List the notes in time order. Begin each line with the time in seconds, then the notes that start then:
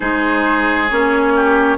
0.00 G#3 D#4 G#4 C5
0.89 A#3 C#4 C#5
1.35 G4